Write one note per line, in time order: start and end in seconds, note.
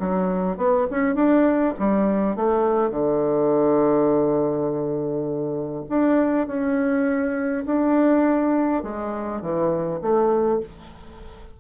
0.00 0.57 F#3
0.57 0.86 B3
0.91 1.15 C#4
1.15 1.74 D4
1.79 2.36 G3
2.36 2.90 A3
2.90 5.84 D3
5.89 6.47 D4
6.47 7.65 C#4
7.66 8.83 D4
8.83 9.41 G#3
9.41 10.00 E3
10.02 10.60 A3